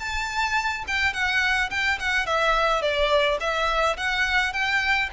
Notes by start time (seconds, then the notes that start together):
0.00 A5
0.87 G5
1.14 F#5
1.70 G5
2.00 F#5
2.27 E5
2.82 D5
3.40 E5
3.97 F#5
4.53 G5